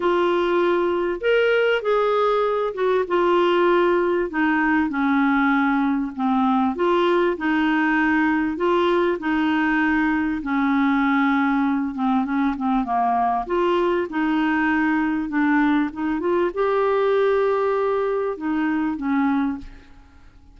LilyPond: \new Staff \with { instrumentName = "clarinet" } { \time 4/4 \tempo 4 = 98 f'2 ais'4 gis'4~ | gis'8 fis'8 f'2 dis'4 | cis'2 c'4 f'4 | dis'2 f'4 dis'4~ |
dis'4 cis'2~ cis'8 c'8 | cis'8 c'8 ais4 f'4 dis'4~ | dis'4 d'4 dis'8 f'8 g'4~ | g'2 dis'4 cis'4 | }